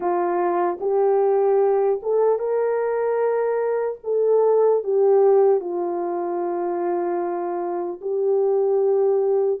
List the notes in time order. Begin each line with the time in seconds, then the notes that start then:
0.00 F4
0.80 G4
2.02 A4
2.39 A#4
4.03 A4
4.83 G4
5.60 F4
8.01 G4